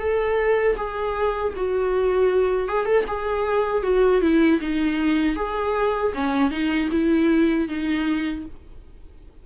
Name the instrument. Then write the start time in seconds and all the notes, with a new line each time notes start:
viola
0.00 A4
0.77 G#4
1.57 F#4
2.69 G#4
2.86 A4
3.08 G#4
3.84 F#4
4.22 E4
4.61 D#4
5.36 G#4
6.15 C#4
6.51 D#4
6.92 E4
7.69 D#4